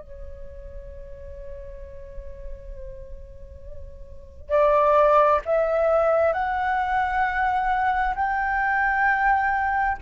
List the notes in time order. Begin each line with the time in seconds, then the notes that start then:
0.00 C#5
4.49 D5
5.45 E5
6.33 F#5
8.15 G5